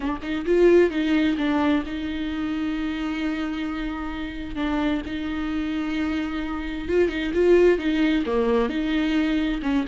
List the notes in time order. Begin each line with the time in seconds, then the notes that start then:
0.00 D4
0.22 D#4
0.45 F4
0.90 D#4
1.37 D4
1.85 D#4
4.55 D4
5.06 D#4
6.88 F4
7.09 D#4
7.34 F4
7.78 D#4
8.26 A#3
8.69 D#4
9.62 C#4